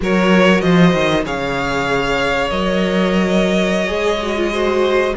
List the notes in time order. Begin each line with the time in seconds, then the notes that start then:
0.00 F#3 F#4 A#4 C#5
0.61 F3 C5 D#5
0.93 D#3
1.24 C#3 G#4 C#5 F5
2.50 F#3 A#4 D#5
3.87 G#3 G#4
4.22 F#4
4.36 F4
4.52 F#4 C5